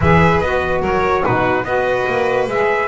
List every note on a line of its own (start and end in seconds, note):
0.00 0.41 E3
0.00 0.43 G#4
0.00 0.81 B4
0.00 0.40 E5
0.40 0.81 B3
0.40 1.24 F#4
0.40 0.81 D#5
0.81 1.23 F#3
0.81 1.22 A#4
0.81 1.24 C#5
1.24 1.63 B2
1.24 1.65 D#4
1.24 1.65 F#4
1.24 1.64 B4
1.63 2.05 B3
1.63 2.48 F#4
1.63 2.88 B4
1.63 2.47 D#5
2.07 2.47 A#3
2.47 2.88 G#3
2.47 2.88 G#4
2.47 2.88 E5